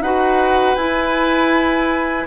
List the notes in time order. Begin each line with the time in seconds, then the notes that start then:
0.00 D#4 F#4 B4 F#5
0.75 E4 G#5